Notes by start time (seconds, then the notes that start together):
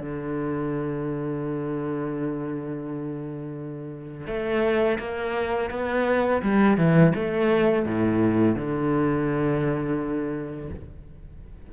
0.00 D3
4.27 A3
4.99 A#3
5.70 B3
6.43 G3
6.78 E3
7.15 A3
7.86 A2
8.56 D3